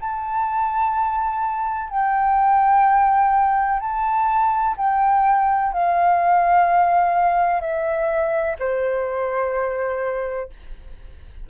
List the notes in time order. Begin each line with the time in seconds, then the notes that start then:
0.00 A5
1.90 G5
3.80 A5
4.77 G5
5.73 F5
7.61 E5
8.59 C5